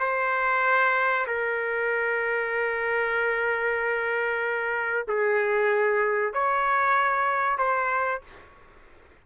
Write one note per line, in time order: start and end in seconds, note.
0.00 1.26 C5
1.27 5.06 A#4
5.08 6.34 G#4
6.34 7.58 C#5
7.58 8.22 C5